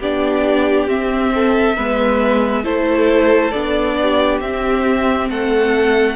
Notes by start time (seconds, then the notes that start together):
0.00 B3 D4 G4 D5
0.88 C4 E5
1.35 A4
1.77 G#3 B3 B4
2.64 A3 E4 A4 C5
3.51 B3 D4 D5
4.02 G4
4.41 C4 E5
5.30 A3 A4 F#5